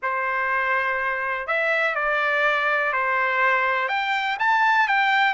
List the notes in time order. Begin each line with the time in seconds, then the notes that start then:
0.02 C5
1.47 E5
1.95 D5
2.92 C5
3.88 G5
4.39 A5
4.88 G5